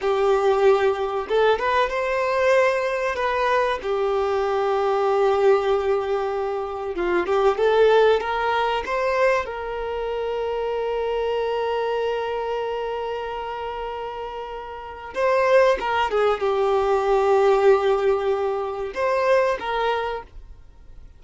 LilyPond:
\new Staff \with { instrumentName = "violin" } { \time 4/4 \tempo 4 = 95 g'2 a'8 b'8 c''4~ | c''4 b'4 g'2~ | g'2. f'8 g'8 | a'4 ais'4 c''4 ais'4~ |
ais'1~ | ais'1 | c''4 ais'8 gis'8 g'2~ | g'2 c''4 ais'4 | }